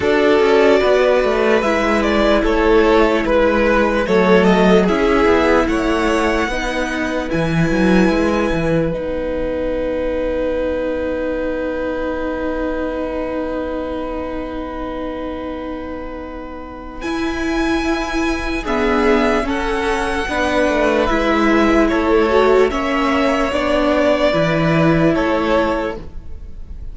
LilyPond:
<<
  \new Staff \with { instrumentName = "violin" } { \time 4/4 \tempo 4 = 74 d''2 e''8 d''8 cis''4 | b'4 cis''8 dis''8 e''4 fis''4~ | fis''4 gis''2 fis''4~ | fis''1~ |
fis''1~ | fis''4 gis''2 e''4 | fis''2 e''4 cis''4 | e''4 d''2 cis''4 | }
  \new Staff \with { instrumentName = "violin" } { \time 4/4 a'4 b'2 a'4 | b'4 a'4 gis'4 cis''4 | b'1~ | b'1~ |
b'1~ | b'2. gis'4 | a'4 b'2 a'4 | cis''2 b'4 a'4 | }
  \new Staff \with { instrumentName = "viola" } { \time 4/4 fis'2 e'2~ | e'4 a4 e'2 | dis'4 e'2 dis'4~ | dis'1~ |
dis'1~ | dis'4 e'2 b4 | cis'4 d'4 e'4. fis'8 | cis'4 d'4 e'2 | }
  \new Staff \with { instrumentName = "cello" } { \time 4/4 d'8 cis'8 b8 a8 gis4 a4 | gis4 fis4 cis'8 b8 a4 | b4 e8 fis8 gis8 e8 b4~ | b1~ |
b1~ | b4 e'2 d'4 | cis'4 b8 a8 gis4 a4 | ais4 b4 e4 a4 | }
>>